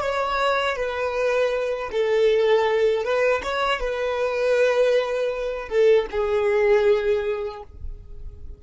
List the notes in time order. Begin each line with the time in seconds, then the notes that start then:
0.00 C#5
0.76 B4
1.91 A4
3.03 B4
3.43 C#5
3.80 B4
5.69 A4
6.11 G#4